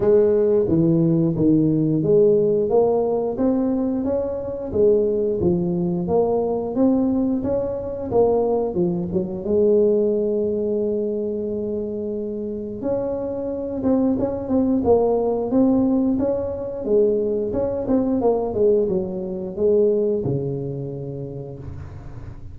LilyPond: \new Staff \with { instrumentName = "tuba" } { \time 4/4 \tempo 4 = 89 gis4 e4 dis4 gis4 | ais4 c'4 cis'4 gis4 | f4 ais4 c'4 cis'4 | ais4 f8 fis8 gis2~ |
gis2. cis'4~ | cis'8 c'8 cis'8 c'8 ais4 c'4 | cis'4 gis4 cis'8 c'8 ais8 gis8 | fis4 gis4 cis2 | }